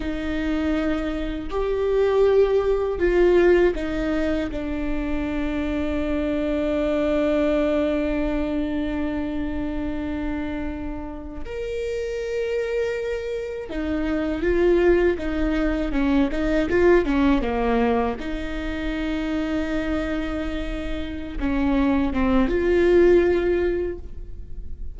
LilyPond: \new Staff \with { instrumentName = "viola" } { \time 4/4 \tempo 4 = 80 dis'2 g'2 | f'4 dis'4 d'2~ | d'1~ | d'2.~ d'16 ais'8.~ |
ais'2~ ais'16 dis'4 f'8.~ | f'16 dis'4 cis'8 dis'8 f'8 cis'8 ais8.~ | ais16 dis'2.~ dis'8.~ | dis'8 cis'4 c'8 f'2 | }